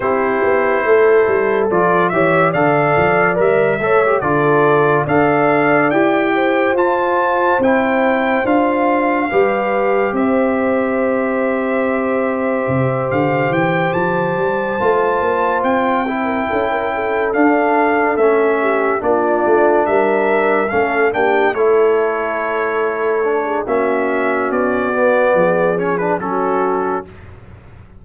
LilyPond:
<<
  \new Staff \with { instrumentName = "trumpet" } { \time 4/4 \tempo 4 = 71 c''2 d''8 e''8 f''4 | e''4 d''4 f''4 g''4 | a''4 g''4 f''2 | e''2.~ e''8 f''8 |
g''8 a''2 g''4.~ | g''8 f''4 e''4 d''4 e''8~ | e''8 f''8 g''8 cis''2~ cis''8 | e''4 d''4. cis''16 b'16 a'4 | }
  \new Staff \with { instrumentName = "horn" } { \time 4/4 g'4 a'4. cis''8 d''4~ | d''8 cis''8 a'4 d''4. c''8~ | c''2. b'4 | c''1~ |
c''2.~ c''16 ais'16 a'16 ais'16 | a'2 g'8 f'4 ais'8~ | ais'8 a'8 g'8 a'2~ a'16 gis'16 | fis'2 gis'4 fis'4 | }
  \new Staff \with { instrumentName = "trombone" } { \time 4/4 e'2 f'8 g'8 a'4 | ais'8 a'16 g'16 f'4 a'4 g'4 | f'4 e'4 f'4 g'4~ | g'1~ |
g'4. f'4. e'4~ | e'8 d'4 cis'4 d'4.~ | d'8 cis'8 d'8 e'2 d'8 | cis'4. b4 cis'16 d'16 cis'4 | }
  \new Staff \with { instrumentName = "tuba" } { \time 4/4 c'8 b8 a8 g8 f8 e8 d8 f8 | g8 a8 d4 d'4 e'4 | f'4 c'4 d'4 g4 | c'2. c8 d8 |
e8 f8 g8 a8 ais8 c'4 cis'8~ | cis'8 d'4 a4 ais8 a8 g8~ | g8 a8 ais8 a2~ a8 | ais4 b4 f4 fis4 | }
>>